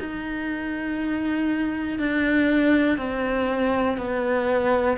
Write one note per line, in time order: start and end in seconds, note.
0.00 1.99 D#4
1.99 2.98 D4
2.98 3.98 C4
3.98 4.98 B3